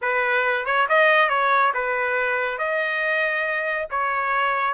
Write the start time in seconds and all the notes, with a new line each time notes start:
0.01 B4
0.65 C#5
0.88 D#5
1.29 C#5
1.74 B4
2.58 D#5
3.90 C#5